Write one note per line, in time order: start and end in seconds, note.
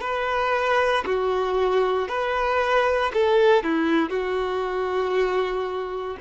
0.00 1.03 B4
1.05 2.08 F#4
2.08 3.11 B4
3.13 3.63 A4
3.63 4.10 E4
4.10 6.16 F#4